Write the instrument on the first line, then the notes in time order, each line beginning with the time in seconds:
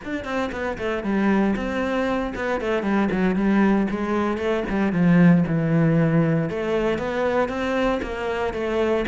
cello
0.04 D4
0.24 C4
0.51 B3
0.78 A3
1.03 G3
1.56 C4
2.35 B3
2.61 A3
2.82 G3
3.11 F#3
3.35 G3
3.90 G#3
4.37 A3
4.69 G3
4.92 F3
5.47 E3
6.49 A3
6.98 B3
7.48 C4
8.02 A#3
8.53 A3